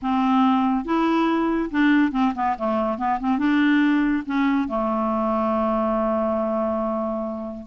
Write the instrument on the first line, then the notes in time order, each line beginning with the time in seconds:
clarinet
0.02 C4
0.84 E4
1.70 D4
2.11 C4
2.35 B3
2.57 A3
2.97 B3
3.20 C4
3.38 D4
4.26 C#4
4.68 A3